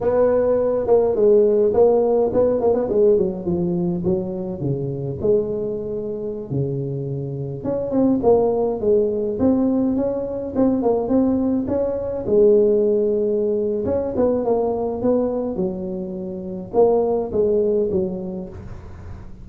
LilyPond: \new Staff \with { instrumentName = "tuba" } { \time 4/4 \tempo 4 = 104 b4. ais8 gis4 ais4 | b8 ais16 b16 gis8 fis8 f4 fis4 | cis4 gis2~ gis16 cis8.~ | cis4~ cis16 cis'8 c'8 ais4 gis8.~ |
gis16 c'4 cis'4 c'8 ais8 c'8.~ | c'16 cis'4 gis2~ gis8. | cis'8 b8 ais4 b4 fis4~ | fis4 ais4 gis4 fis4 | }